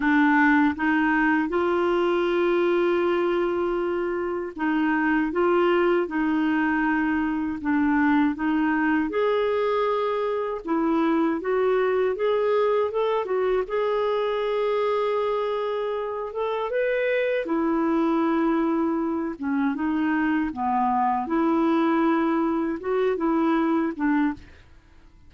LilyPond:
\new Staff \with { instrumentName = "clarinet" } { \time 4/4 \tempo 4 = 79 d'4 dis'4 f'2~ | f'2 dis'4 f'4 | dis'2 d'4 dis'4 | gis'2 e'4 fis'4 |
gis'4 a'8 fis'8 gis'2~ | gis'4. a'8 b'4 e'4~ | e'4. cis'8 dis'4 b4 | e'2 fis'8 e'4 d'8 | }